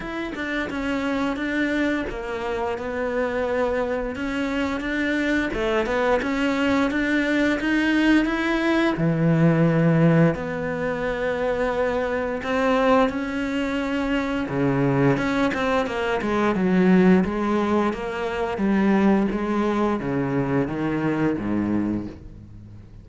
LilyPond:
\new Staff \with { instrumentName = "cello" } { \time 4/4 \tempo 4 = 87 e'8 d'8 cis'4 d'4 ais4 | b2 cis'4 d'4 | a8 b8 cis'4 d'4 dis'4 | e'4 e2 b4~ |
b2 c'4 cis'4~ | cis'4 cis4 cis'8 c'8 ais8 gis8 | fis4 gis4 ais4 g4 | gis4 cis4 dis4 gis,4 | }